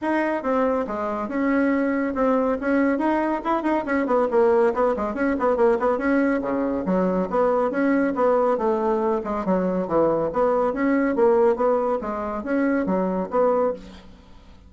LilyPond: \new Staff \with { instrumentName = "bassoon" } { \time 4/4 \tempo 4 = 140 dis'4 c'4 gis4 cis'4~ | cis'4 c'4 cis'4 dis'4 | e'8 dis'8 cis'8 b8 ais4 b8 gis8 | cis'8 b8 ais8 b8 cis'4 cis4 |
fis4 b4 cis'4 b4 | a4. gis8 fis4 e4 | b4 cis'4 ais4 b4 | gis4 cis'4 fis4 b4 | }